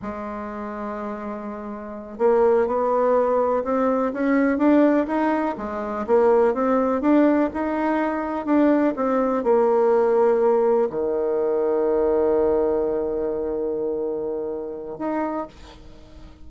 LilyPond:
\new Staff \with { instrumentName = "bassoon" } { \time 4/4 \tempo 4 = 124 gis1~ | gis8 ais4 b2 c'8~ | c'8 cis'4 d'4 dis'4 gis8~ | gis8 ais4 c'4 d'4 dis'8~ |
dis'4. d'4 c'4 ais8~ | ais2~ ais8 dis4.~ | dis1~ | dis2. dis'4 | }